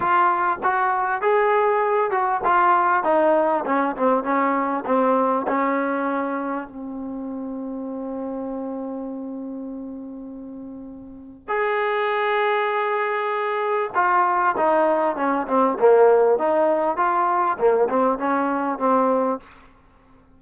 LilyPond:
\new Staff \with { instrumentName = "trombone" } { \time 4/4 \tempo 4 = 99 f'4 fis'4 gis'4. fis'8 | f'4 dis'4 cis'8 c'8 cis'4 | c'4 cis'2 c'4~ | c'1~ |
c'2. gis'4~ | gis'2. f'4 | dis'4 cis'8 c'8 ais4 dis'4 | f'4 ais8 c'8 cis'4 c'4 | }